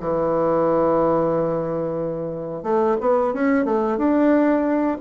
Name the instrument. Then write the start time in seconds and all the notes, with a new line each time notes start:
bassoon
0.00 E3
2.63 A3
3.01 B3
3.33 C#4
3.65 A3
3.97 D4